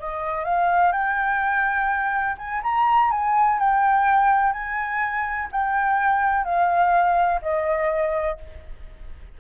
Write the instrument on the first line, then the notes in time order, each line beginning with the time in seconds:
flute
0.00 D#5
0.45 F5
0.93 G5
2.38 G#5
2.63 A#5
3.12 G#5
3.60 G5
4.53 G#5
5.52 G5
6.45 F5
7.42 D#5